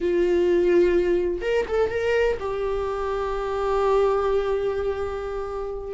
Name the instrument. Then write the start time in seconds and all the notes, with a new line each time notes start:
viola
0.00 F4
1.41 A#4
1.68 A4
1.89 A#4
2.39 G4